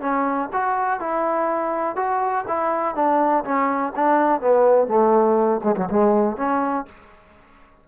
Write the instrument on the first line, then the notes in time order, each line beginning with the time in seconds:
trombone
0.00 C#4
0.52 F#4
1.00 E4
1.95 F#4
2.47 E4
2.95 D4
3.44 C#4
3.95 D4
4.40 B3
4.87 A3
5.63 G#3
5.76 F#3
5.90 G#3
6.36 C#4